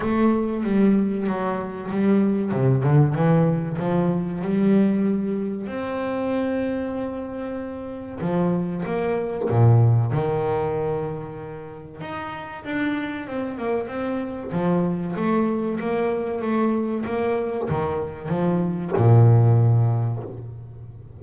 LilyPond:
\new Staff \with { instrumentName = "double bass" } { \time 4/4 \tempo 4 = 95 a4 g4 fis4 g4 | c8 d8 e4 f4 g4~ | g4 c'2.~ | c'4 f4 ais4 ais,4 |
dis2. dis'4 | d'4 c'8 ais8 c'4 f4 | a4 ais4 a4 ais4 | dis4 f4 ais,2 | }